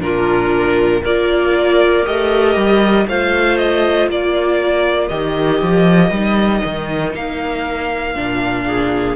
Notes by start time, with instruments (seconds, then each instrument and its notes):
0.00 cello A#2, viola D4, clarinet F4, violin A#4
1.02 cello A#3, viola F4, clarinet A#4, violin D5
2.05 cello A3, viola G4, violin D#5
2.56 cello G3
3.08 cello A3, viola F4, clarinet C5, violin F5
3.58 violin D#5
4.09 cello A#3, clarinet A#4, violin D5
5.08 cello D#3, viola G4, violin D#5
5.62 cello F3
6.11 cello G3, viola D#4
6.65 cello D#3
7.15 cello A#3, violin F5
8.15 cello A#2, viola D4
8.66 clarinet G#4